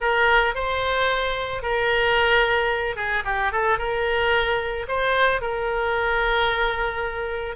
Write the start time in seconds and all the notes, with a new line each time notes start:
0.00 A#4
0.54 C5
1.62 A#4
2.96 G#4
3.24 G4
3.52 A4
3.78 A#4
4.88 C5
5.41 A#4